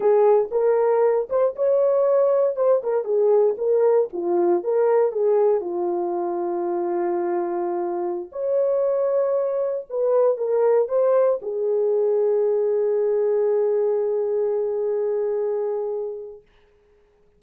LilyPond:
\new Staff \with { instrumentName = "horn" } { \time 4/4 \tempo 4 = 117 gis'4 ais'4. c''8 cis''4~ | cis''4 c''8 ais'8 gis'4 ais'4 | f'4 ais'4 gis'4 f'4~ | f'1~ |
f'16 cis''2. b'8.~ | b'16 ais'4 c''4 gis'4.~ gis'16~ | gis'1~ | gis'1 | }